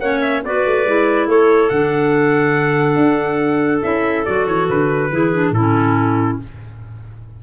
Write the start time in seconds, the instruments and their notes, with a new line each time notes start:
0.00 tuba A#3, clarinet C#4 C#5, trumpet F#5
0.22 trumpet E5
0.44 tuba B3, clarinet F#4 B4, trumpet D5
0.66 tuba A3
0.85 tuba G#3, clarinet E4
1.28 tuba A3, clarinet A4, trumpet C#5
1.69 tuba D3, clarinet D4, trumpet F#5
2.96 tuba D4
3.82 tuba C#4, clarinet E4, trumpet E5
4.25 tuba F#3, clarinet F#4, trumpet D5
4.47 tuba E3, trumpet C#5
4.69 tuba D3, trumpet B4
5.10 tuba E3, clarinet E4 G#4
5.33 clarinet D4
5.51 tuba A2, clarinet E4, trumpet A4
5.58 clarinet C#4